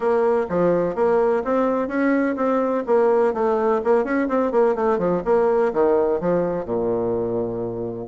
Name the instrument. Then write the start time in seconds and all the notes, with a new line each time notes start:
bassoon
0.00 A#3
0.49 F3
0.95 A#3
1.44 C4
1.87 C#4
2.36 C4
2.86 A#3
3.33 A3
3.84 A#3
4.04 C#4
4.28 C4
4.51 A#3
4.75 A3
4.98 F3
5.24 A#3
5.73 D#3
6.20 F3
6.65 A#2